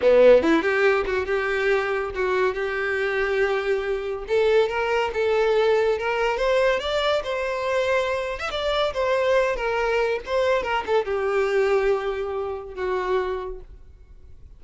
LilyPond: \new Staff \with { instrumentName = "violin" } { \time 4/4 \tempo 4 = 141 b4 e'8 g'4 fis'8 g'4~ | g'4 fis'4 g'2~ | g'2 a'4 ais'4 | a'2 ais'4 c''4 |
d''4 c''2~ c''8. e''16 | d''4 c''4. ais'4. | c''4 ais'8 a'8 g'2~ | g'2 fis'2 | }